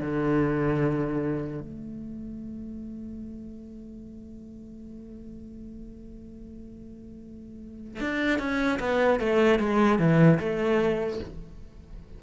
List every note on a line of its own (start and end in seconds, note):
0.00 1.60 D3
1.60 8.00 A3
8.00 8.39 D4
8.39 8.79 C#4
8.79 9.19 B3
9.19 9.59 A3
9.59 9.98 G#3
9.98 10.38 E3
10.39 11.19 A3